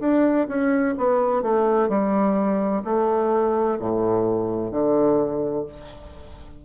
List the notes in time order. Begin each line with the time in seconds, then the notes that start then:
0.00 D4
0.48 C#4
0.97 B3
1.42 A3
1.89 G3
2.84 A3
3.79 A2
4.71 D3